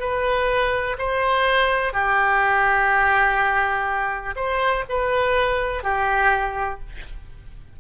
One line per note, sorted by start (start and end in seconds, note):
0.00 0.97 B4
0.98 1.93 C5
1.93 4.35 G4
4.36 4.84 C5
4.89 5.83 B4
5.83 6.80 G4